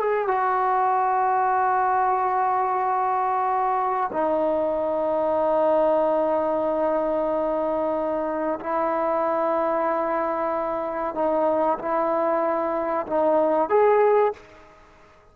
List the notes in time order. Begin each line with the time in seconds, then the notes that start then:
0.00 G#4
0.28 F#4
4.13 D#4
8.60 E4
11.15 D#4
11.79 E4
13.07 D#4
13.70 G#4